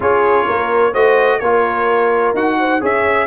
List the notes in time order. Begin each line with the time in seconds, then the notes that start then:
0.00 C#4 F4 G#4 C#5
0.45 A#3 A#4
0.92 A3 F#4 C5 D#5
1.39 A#3 F4 A#4 C#5
2.34 D#4 F#4 F#5
2.58 C5
2.80 C#4 G#4 C#5 E5